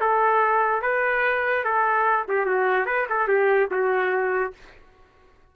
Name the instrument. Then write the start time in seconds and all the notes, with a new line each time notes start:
trumpet
0.00 A4
0.81 B4
1.64 A4
2.28 G4
2.45 F#4
2.86 B4
3.09 A4
3.27 G4
3.71 F#4